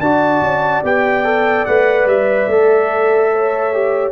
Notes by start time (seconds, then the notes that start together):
0.00 D4 F#4 D5 A5
0.41 C#4
0.84 B3 G4 G5
1.24 A4
1.66 A3 B4 F#5
2.06 G3 E5
2.48 A3 A4
3.33 C#5
3.73 G4